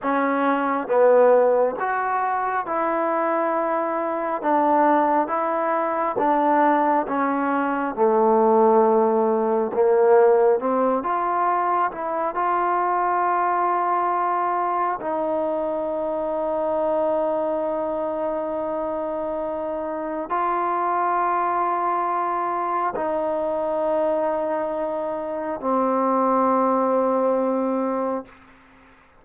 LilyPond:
\new Staff \with { instrumentName = "trombone" } { \time 4/4 \tempo 4 = 68 cis'4 b4 fis'4 e'4~ | e'4 d'4 e'4 d'4 | cis'4 a2 ais4 | c'8 f'4 e'8 f'2~ |
f'4 dis'2.~ | dis'2. f'4~ | f'2 dis'2~ | dis'4 c'2. | }